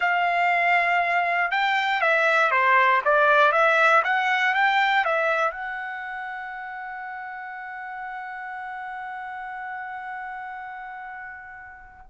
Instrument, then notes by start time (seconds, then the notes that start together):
trumpet
0.00 F5
1.51 G5
2.01 E5
2.51 C5
3.04 D5
3.52 E5
4.04 F#5
4.54 G5
5.04 E5
5.51 F#5